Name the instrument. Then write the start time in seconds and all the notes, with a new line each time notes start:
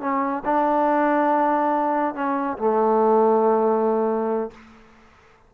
trombone
0.00 C#4
0.45 D4
2.14 C#4
2.57 A3